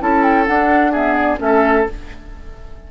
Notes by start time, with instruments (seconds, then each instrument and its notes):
0.00 bassoon C#4, clarinet E4, oboe A4, flute A5
0.23 flute G5
0.47 clarinet D4, bassoon D4, flute F#5
0.92 clarinet B3, oboe G#4, flute E5
1.14 flute D5
1.38 bassoon A3, clarinet C#4, flute E5
1.45 oboe A4